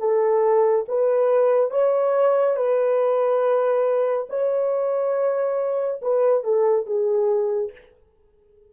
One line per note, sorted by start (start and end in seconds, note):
0.00 0.86 A4
0.88 1.71 B4
1.71 2.56 C#5
2.56 4.28 B4
4.30 6.01 C#5
6.02 6.44 B4
6.44 6.86 A4
6.86 7.72 G#4